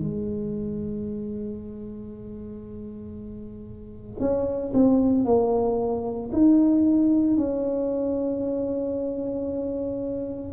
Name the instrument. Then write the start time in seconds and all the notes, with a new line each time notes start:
tuba
0.00 G#3
4.20 C#4
4.74 C4
5.25 A#3
6.33 D#4
7.37 C#4